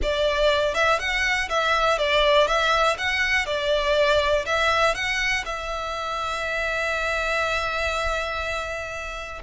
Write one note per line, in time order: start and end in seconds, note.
0.02 0.74 D5
0.74 0.99 E5
0.99 1.49 F#5
1.49 1.98 E5
1.98 2.47 D5
2.47 2.96 E5
2.98 3.46 F#5
3.46 4.45 D5
4.45 4.95 E5
4.95 5.44 F#5
5.45 9.42 E5